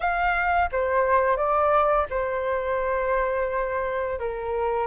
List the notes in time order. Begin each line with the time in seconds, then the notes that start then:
0.00 F5
0.72 C5
1.36 D5
2.09 C5
4.19 A#4